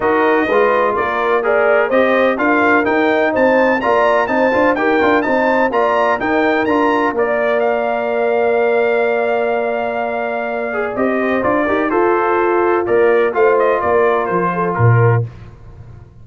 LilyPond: <<
  \new Staff \with { instrumentName = "trumpet" } { \time 4/4 \tempo 4 = 126 dis''2 d''4 ais'4 | dis''4 f''4 g''4 a''4 | ais''4 a''4 g''4 a''4 | ais''4 g''4 ais''4 d''4 |
f''1~ | f''2. dis''4 | d''4 c''2 d''4 | f''8 dis''8 d''4 c''4 ais'4 | }
  \new Staff \with { instrumentName = "horn" } { \time 4/4 ais'4 b'4 ais'4 d''4 | c''4 ais'2 c''4 | d''4 c''4 ais'4 c''4 | d''4 ais'2 d''4~ |
d''1~ | d''2.~ d''8 c''8~ | c''8 ais'8 f'2. | c''4 ais'4. a'8 ais'4 | }
  \new Staff \with { instrumentName = "trombone" } { \time 4/4 fis'4 f'2 gis'4 | g'4 f'4 dis'2 | f'4 dis'8 f'8 g'8 f'8 dis'4 | f'4 dis'4 f'4 ais'4~ |
ais'1~ | ais'2~ ais'8 gis'8 g'4 | f'8 g'8 a'2 ais'4 | f'1 | }
  \new Staff \with { instrumentName = "tuba" } { \time 4/4 dis'4 gis4 ais2 | c'4 d'4 dis'4 c'4 | ais4 c'8 d'8 dis'8 d'8 c'4 | ais4 dis'4 d'4 ais4~ |
ais1~ | ais2. c'4 | d'8 dis'8 f'2 ais4 | a4 ais4 f4 ais,4 | }
>>